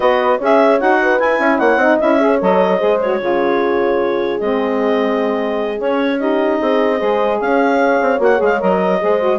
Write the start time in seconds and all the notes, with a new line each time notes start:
0.00 B3 F#4 B4 D#5
0.38 C#4 G#4 C#5 E5
0.79 D#4 F#4 F#5
1.02 B4
1.19 E4 G#5
1.39 C#4 E5
1.58 A#3 C#5 F#5
1.76 C4 D#4 D#5
1.99 C#4 E4 E5
2.18 G#4 C#5
2.39 F#3 A4 D#5
2.78 G#3 G#4 C5
3.00 F#4 C#5
3.20 C#3 F4 G#4
4.40 G#3 C4 D#5
5.75 C#4 C#5
6.18 D#4 G4 D#5
6.59 C4 G#4
6.98 G#3 G#4 C5
7.39 C#4 C#5 F5
8.01 C4
8.18 A#3 F#4 F#5
8.37 G#3 G#4
8.43 F5
8.59 F#3 A#4 D#5
9.00 G#3 G#4 C5
9.19 F#4